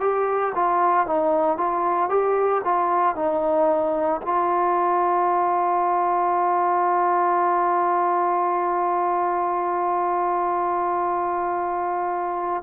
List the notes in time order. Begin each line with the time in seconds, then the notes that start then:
0.00 G4
0.55 F4
1.06 D#4
1.57 F4
2.09 G4
2.64 F4
3.15 D#4
4.22 F4